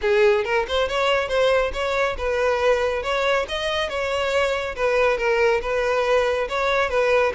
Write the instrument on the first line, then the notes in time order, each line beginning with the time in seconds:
violin
0.01 G#4
0.44 A#4
0.67 C5
0.88 C#5
1.28 C5
1.73 C#5
2.17 B4
3.03 C#5
3.48 D#5
3.89 C#5
4.75 B4
5.17 A#4
5.61 B4
6.49 C#5
6.89 B4